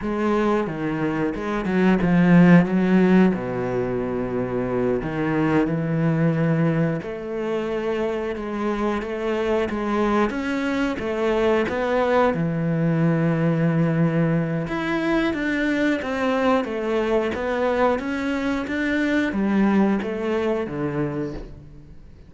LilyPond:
\new Staff \with { instrumentName = "cello" } { \time 4/4 \tempo 4 = 90 gis4 dis4 gis8 fis8 f4 | fis4 b,2~ b,8 dis8~ | dis8 e2 a4.~ | a8 gis4 a4 gis4 cis'8~ |
cis'8 a4 b4 e4.~ | e2 e'4 d'4 | c'4 a4 b4 cis'4 | d'4 g4 a4 d4 | }